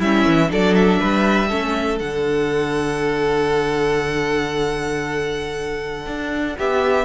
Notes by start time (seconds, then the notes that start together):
0.00 G3 C#4 E4 E5
0.28 E3
0.49 F#3 D4 A4 D5
0.75 E5
1.00 G3 B4
1.49 A3 C#4 A4
1.99 D3 D4 F#5
6.07 D4
6.59 B3 G4 E5